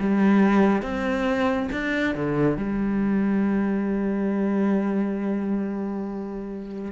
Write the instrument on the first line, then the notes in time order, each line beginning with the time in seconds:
cello
0.00 G3
0.82 C4
1.72 D4
2.15 D3
2.57 G3